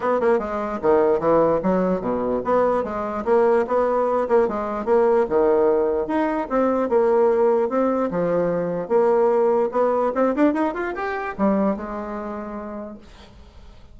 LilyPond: \new Staff \with { instrumentName = "bassoon" } { \time 4/4 \tempo 4 = 148 b8 ais8 gis4 dis4 e4 | fis4 b,4 b4 gis4 | ais4 b4. ais8 gis4 | ais4 dis2 dis'4 |
c'4 ais2 c'4 | f2 ais2 | b4 c'8 d'8 dis'8 f'8 g'4 | g4 gis2. | }